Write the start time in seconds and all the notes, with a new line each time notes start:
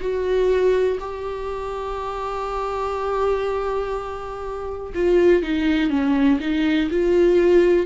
0.00 F#4
0.99 G4
4.94 F4
5.42 D#4
5.90 C#4
6.40 D#4
6.90 F4